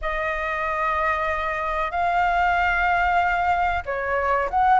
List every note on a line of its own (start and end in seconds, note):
0.01 1.91 D#5
1.91 3.82 F5
3.85 4.49 C#5
4.50 4.79 F#5